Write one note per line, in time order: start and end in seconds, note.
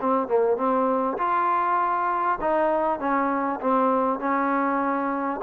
0.00 0.28 C4
0.28 0.56 A#3
0.56 1.17 C4
1.18 2.39 F4
2.40 2.99 D#4
2.99 3.60 C#4
3.60 4.19 C4
4.19 5.40 C#4